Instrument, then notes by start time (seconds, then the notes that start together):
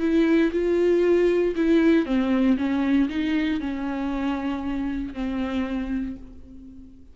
viola
0.00 E4
0.52 F4
1.56 E4
2.06 C4
2.58 C#4
3.09 D#4
3.60 C#4
5.14 C4